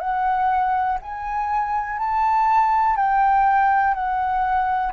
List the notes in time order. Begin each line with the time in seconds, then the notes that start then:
0.00 F#5
1.02 G#5
1.99 A5
2.96 G5
3.94 F#5